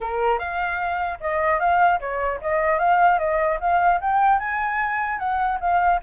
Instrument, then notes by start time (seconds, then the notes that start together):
flute
0.00 A#4
0.39 F5
1.20 D#5
1.59 F5
1.99 C#5
2.41 D#5
2.78 F5
3.18 D#5
3.60 F5
4.00 G5
4.39 G#5
5.19 F#5
5.60 F5